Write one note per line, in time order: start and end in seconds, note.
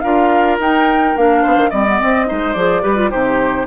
0.00 0.59 D4
0.00 0.59 F4
0.00 1.42 A#4
0.00 0.56 F5
0.59 1.15 D#4
0.59 1.16 D#4
0.59 1.17 G5
1.16 1.45 A#3
1.16 1.71 D4
1.16 1.70 F5
1.42 1.56 B3
1.42 1.70 C5
1.56 1.70 D#3
1.70 2.00 G3
1.70 1.85 C4
1.70 2.26 D5
1.70 2.53 D#5
1.86 2.00 B3
2.00 2.26 C4
2.00 2.31 C4
2.26 2.55 G#3
2.26 2.54 D#4
2.26 2.82 C5
2.53 2.83 F3
2.53 2.82 G#4
2.53 3.09 D5
2.82 3.11 G3
2.82 2.96 G4
2.82 3.10 B4
2.96 3.10 F4
3.10 3.66 C3
3.10 3.66 D#4
3.10 3.66 G4
3.10 3.66 C5